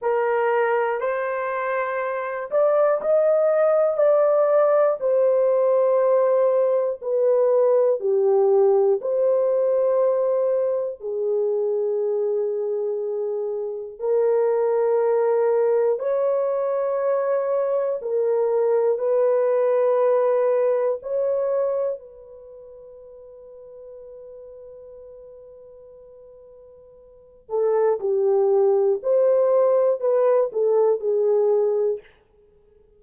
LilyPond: \new Staff \with { instrumentName = "horn" } { \time 4/4 \tempo 4 = 60 ais'4 c''4. d''8 dis''4 | d''4 c''2 b'4 | g'4 c''2 gis'4~ | gis'2 ais'2 |
cis''2 ais'4 b'4~ | b'4 cis''4 b'2~ | b'2.~ b'8 a'8 | g'4 c''4 b'8 a'8 gis'4 | }